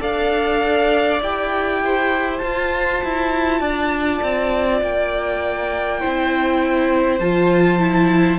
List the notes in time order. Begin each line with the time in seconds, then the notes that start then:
0.00 D4 A4 D5 F5
1.21 E4 G4 G5
1.84 C5
2.38 F4 A5
3.04 E4
3.60 D4 D5
4.23 C4
4.82 A#3 G5
6.00 C4 E4 C5
7.20 F3 F4 A5
7.79 E4